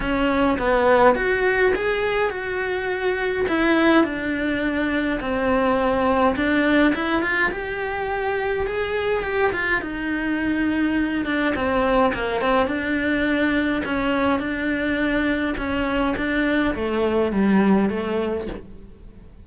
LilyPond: \new Staff \with { instrumentName = "cello" } { \time 4/4 \tempo 4 = 104 cis'4 b4 fis'4 gis'4 | fis'2 e'4 d'4~ | d'4 c'2 d'4 | e'8 f'8 g'2 gis'4 |
g'8 f'8 dis'2~ dis'8 d'8 | c'4 ais8 c'8 d'2 | cis'4 d'2 cis'4 | d'4 a4 g4 a4 | }